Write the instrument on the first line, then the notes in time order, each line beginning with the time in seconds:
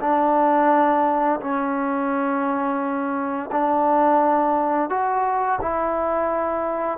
trombone
0.00 D4
1.40 C#4
3.51 D4
4.89 F#4
5.61 E4